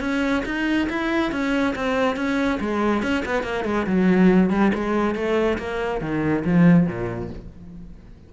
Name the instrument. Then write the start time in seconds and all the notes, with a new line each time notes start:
cello
0.00 C#4
0.45 D#4
0.89 E4
1.31 C#4
1.75 C4
2.16 C#4
2.60 G#3
3.02 C#4
3.25 B3
3.43 A#3
3.64 G#3
3.86 F#3
4.50 G3
4.74 G#3
5.15 A3
5.58 A#3
6.01 D#3
6.44 F3
6.87 A#2